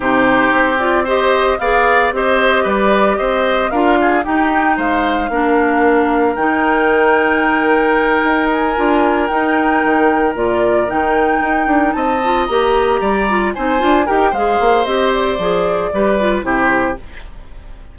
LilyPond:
<<
  \new Staff \with { instrumentName = "flute" } { \time 4/4 \tempo 4 = 113 c''4. d''8 dis''4 f''4 | dis''4 d''4 dis''4 f''4 | g''4 f''2. | g''1 |
gis''4. g''2 d''8~ | d''8 g''2 a''4 ais''8~ | ais''4. gis''4 g''8 f''4 | dis''8 d''2~ d''8 c''4 | }
  \new Staff \with { instrumentName = "oboe" } { \time 4/4 g'2 c''4 d''4 | c''4 b'4 c''4 ais'8 gis'8 | g'4 c''4 ais'2~ | ais'1~ |
ais'1~ | ais'2~ ais'8 dis''4.~ | dis''8 d''4 c''4 ais'8 c''4~ | c''2 b'4 g'4 | }
  \new Staff \with { instrumentName = "clarinet" } { \time 4/4 dis'4. f'8 g'4 gis'4 | g'2. f'4 | dis'2 d'2 | dis'1~ |
dis'8 f'4 dis'2 f'8~ | f'8 dis'2~ dis'8 f'8 g'8~ | g'4 f'8 dis'8 f'8 g'8 gis'4 | g'4 gis'4 g'8 f'8 e'4 | }
  \new Staff \with { instrumentName = "bassoon" } { \time 4/4 c4 c'2 b4 | c'4 g4 c'4 d'4 | dis'4 gis4 ais2 | dis2.~ dis8 dis'8~ |
dis'8 d'4 dis'4 dis4 ais,8~ | ais,8 dis4 dis'8 d'8 c'4 ais8~ | ais8 g4 c'8 d'8 dis'8 gis8 ais8 | c'4 f4 g4 c4 | }
>>